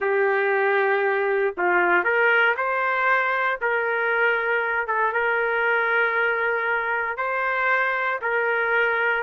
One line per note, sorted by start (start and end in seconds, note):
0.00 1.54 G4
1.57 2.03 F4
2.03 2.55 A#4
2.56 3.59 C5
3.61 4.87 A#4
4.87 5.12 A4
5.12 7.17 A#4
7.17 8.20 C5
8.21 9.23 A#4